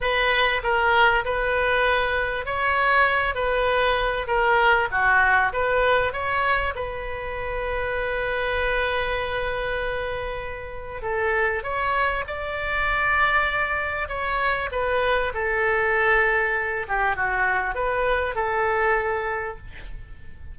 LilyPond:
\new Staff \with { instrumentName = "oboe" } { \time 4/4 \tempo 4 = 98 b'4 ais'4 b'2 | cis''4. b'4. ais'4 | fis'4 b'4 cis''4 b'4~ | b'1~ |
b'2 a'4 cis''4 | d''2. cis''4 | b'4 a'2~ a'8 g'8 | fis'4 b'4 a'2 | }